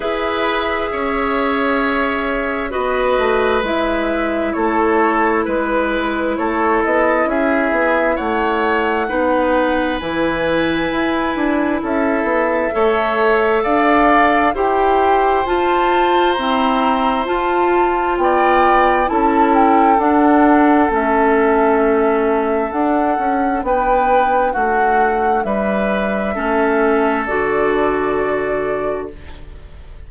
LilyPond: <<
  \new Staff \with { instrumentName = "flute" } { \time 4/4 \tempo 4 = 66 e''2. dis''4 | e''4 cis''4 b'4 cis''8 dis''8 | e''4 fis''2 gis''4~ | gis''4 e''2 f''4 |
g''4 a''4 ais''4 a''4 | g''4 a''8 g''8 fis''4 e''4~ | e''4 fis''4 g''4 fis''4 | e''2 d''2 | }
  \new Staff \with { instrumentName = "oboe" } { \time 4/4 b'4 cis''2 b'4~ | b'4 a'4 b'4 a'4 | gis'4 cis''4 b'2~ | b'4 a'4 cis''4 d''4 |
c''1 | d''4 a'2.~ | a'2 b'4 fis'4 | b'4 a'2. | }
  \new Staff \with { instrumentName = "clarinet" } { \time 4/4 gis'2. fis'4 | e'1~ | e'2 dis'4 e'4~ | e'2 a'2 |
g'4 f'4 c'4 f'4~ | f'4 e'4 d'4 cis'4~ | cis'4 d'2.~ | d'4 cis'4 fis'2 | }
  \new Staff \with { instrumentName = "bassoon" } { \time 4/4 e'4 cis'2 b8 a8 | gis4 a4 gis4 a8 b8 | cis'8 b8 a4 b4 e4 | e'8 d'8 cis'8 b8 a4 d'4 |
e'4 f'4 e'4 f'4 | b4 cis'4 d'4 a4~ | a4 d'8 cis'8 b4 a4 | g4 a4 d2 | }
>>